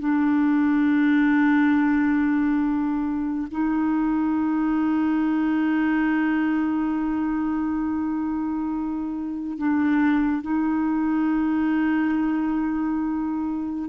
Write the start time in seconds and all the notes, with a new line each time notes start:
0.00 D4
3.52 D#4
9.58 D4
10.42 D#4